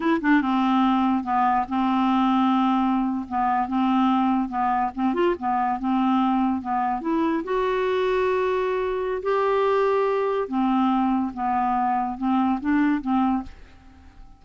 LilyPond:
\new Staff \with { instrumentName = "clarinet" } { \time 4/4 \tempo 4 = 143 e'8 d'8 c'2 b4 | c'2.~ c'8. b16~ | b8. c'2 b4 c'16~ | c'16 f'8 b4 c'2 b16~ |
b8. e'4 fis'2~ fis'16~ | fis'2 g'2~ | g'4 c'2 b4~ | b4 c'4 d'4 c'4 | }